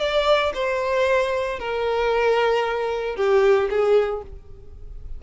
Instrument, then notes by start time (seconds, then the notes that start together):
violin
0.00 D5
0.55 C5
1.60 A#4
3.17 G4
3.70 G#4